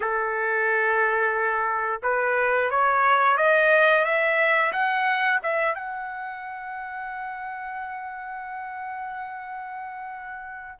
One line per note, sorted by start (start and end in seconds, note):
0.00 2.01 A4
2.03 2.70 B4
2.70 3.37 C#5
3.37 4.04 D#5
4.04 4.72 E5
4.72 5.39 F#5
5.42 5.74 E5
5.74 10.79 F#5